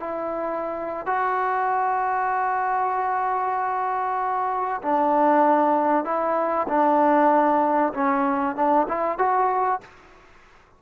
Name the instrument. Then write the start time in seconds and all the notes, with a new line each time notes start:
trombone
0.00 E4
1.07 F#4
4.82 D4
6.05 E4
6.68 D4
7.94 C#4
8.56 D4
8.88 E4
9.18 F#4